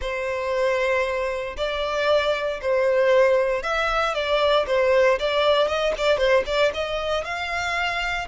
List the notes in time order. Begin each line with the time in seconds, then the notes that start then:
0.01 C5
1.56 D5
2.61 C5
3.62 E5
4.14 D5
4.66 C5
5.19 D5
5.67 D#5
5.97 D5
6.17 C5
6.46 D5
6.74 D#5
7.24 F5